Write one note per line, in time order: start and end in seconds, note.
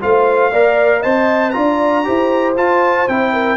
0.00 0.52 A3
0.00 0.51 F4
0.00 0.51 C5
0.00 1.02 F5
0.51 1.03 A#3
0.51 1.04 A#4
0.51 0.99 D5
0.99 1.55 C4
0.99 1.53 C5
0.99 1.51 D#5
0.99 1.50 A5
1.50 2.07 D4
1.50 2.04 F4
1.50 2.06 D5
1.50 2.52 A#5
2.04 2.56 E4
2.04 2.55 G4
2.04 3.33 C5
2.56 3.07 F4
2.56 3.08 F4
2.56 3.08 A5
3.07 3.57 C4
3.07 3.57 E4
3.07 3.57 G5
3.33 3.57 A#4